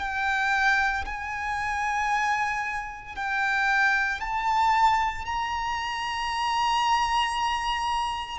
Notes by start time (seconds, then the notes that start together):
0.00 G5
1.06 G#5
3.16 G5
4.21 A5
5.26 A#5